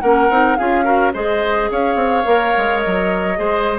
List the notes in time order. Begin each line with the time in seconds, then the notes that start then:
0.00 A#3 C#4 A#4 F#5
0.29 C4 D#4
0.56 C#4 F4 G#4 F5
0.84 F#4 A#4
1.13 G#3 G#4 C5 D#5
1.71 C#4 C#5 F5
1.95 C4
2.24 A#3 A#4
2.57 G#3
2.80 F#3 D#5
3.36 G#3 G#4 C5